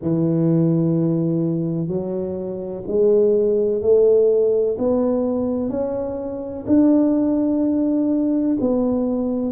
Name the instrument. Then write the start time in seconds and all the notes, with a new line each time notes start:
tuba
0.01 E3
1.87 F#3
2.87 G#3
3.81 A3
4.78 B3
5.69 C#4
6.66 D4
8.60 B3